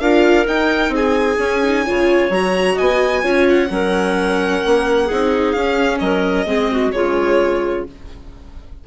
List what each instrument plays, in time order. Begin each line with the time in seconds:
0.00 bassoon D4, viola F4, clarinet A#4, violin F5
0.46 viola D#4, bassoon D#4, violin G5
0.89 bassoon C4, clarinet G#4
0.96 violin G#5
1.39 bassoon C#4, viola C#4
1.63 viola D#4
1.86 bassoon C#3, viola F4, clarinet C#5
2.30 bassoon F#3, viola F#4, violin A#5
2.75 bassoon B3, clarinet D#5, violin G#5
3.22 bassoon C#4, viola F4, clarinet C#5
3.49 violin F#5
3.70 bassoon F#3, viola C#4, clarinet A#4
4.65 bassoon A#3
5.06 bassoon C4, viola D#4, clarinet G#4
5.52 bassoon C#4, viola C#4, violin F5
5.99 bassoon F#3, clarinet A#4, violin D#5
6.46 bassoon G#3, viola C4, clarinet G#4
6.71 clarinet F#4
6.92 bassoon C#3, viola G#3, clarinet F4, violin C#5